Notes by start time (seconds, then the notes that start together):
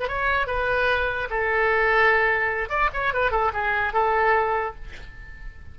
0.00 B4
0.08 C#5
0.47 B4
1.30 A4
2.69 D5
2.93 C#5
3.13 B4
3.31 A4
3.53 G#4
3.93 A4